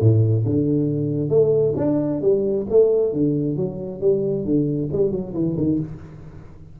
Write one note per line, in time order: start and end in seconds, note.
0.00 0.44 A2
0.45 1.29 D3
1.29 1.74 A3
1.77 2.21 D4
2.21 2.66 G3
2.69 3.13 A3
3.13 3.56 D3
3.56 4.01 F#3
4.01 4.45 G3
4.45 4.89 D3
4.92 5.11 G3
5.11 5.34 F#3
5.34 5.56 E3
5.57 5.79 D#3